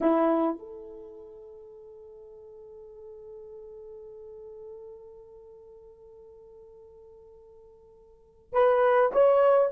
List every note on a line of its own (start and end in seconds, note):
0.00 0.58 E4
0.58 8.52 A4
8.53 9.11 B4
9.12 9.71 C#5